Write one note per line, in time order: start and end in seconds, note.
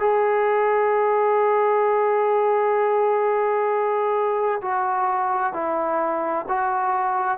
0.00 4.62 G#4
4.62 5.54 F#4
5.54 6.46 E4
6.49 7.38 F#4